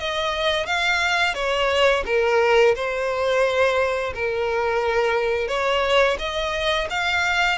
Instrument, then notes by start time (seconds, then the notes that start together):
violin
0.00 D#5
0.66 F5
1.35 C#5
2.06 A#4
2.76 C5
4.15 A#4
5.49 C#5
6.19 D#5
6.90 F5